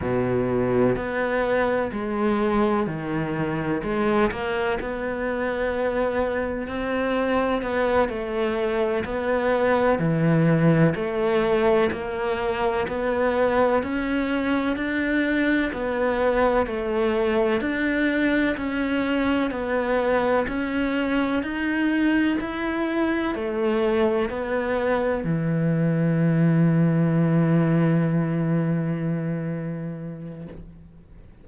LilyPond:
\new Staff \with { instrumentName = "cello" } { \time 4/4 \tempo 4 = 63 b,4 b4 gis4 dis4 | gis8 ais8 b2 c'4 | b8 a4 b4 e4 a8~ | a8 ais4 b4 cis'4 d'8~ |
d'8 b4 a4 d'4 cis'8~ | cis'8 b4 cis'4 dis'4 e'8~ | e'8 a4 b4 e4.~ | e1 | }